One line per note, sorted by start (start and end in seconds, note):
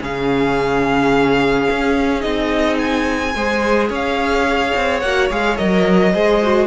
0.00 1.68 C#3
0.00 2.20 C#4
0.00 3.35 G#4
0.00 2.21 F5
1.70 2.25 C#4
2.20 3.35 C4
2.20 3.31 D#4
2.20 2.77 D#5
2.79 3.90 G#5
3.35 3.90 G#3
3.35 5.04 G#4
3.35 3.90 C5
3.90 4.73 C#4
3.90 6.12 C#5
3.90 5.00 F5
4.76 5.03 C4
5.00 5.30 A#3
5.00 5.31 F#4
5.00 5.28 F#5
5.31 5.59 G#3
5.31 5.58 G#4
5.31 5.57 F5
5.57 6.15 F#3
5.57 6.13 A#4
5.57 6.67 D#5
6.12 6.67 G#3
6.12 6.42 G#4
6.12 6.67 C5
6.43 6.67 F#4